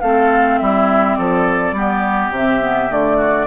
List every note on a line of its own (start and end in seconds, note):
0.00 0.60 A3
0.00 1.76 C4
0.00 0.59 A4
0.00 0.58 F5
0.58 1.18 G3
0.58 1.17 E4
0.58 1.15 E5
1.15 1.72 F3
1.15 1.75 A4
1.15 2.30 D5
1.72 2.29 G3
1.72 2.34 B3
1.72 3.17 G4
2.30 2.88 C3
2.30 2.61 C4
2.30 2.91 E5
2.61 2.89 B3
2.89 3.47 D3
2.89 3.47 A3
2.89 3.47 D5
3.17 3.46 F#4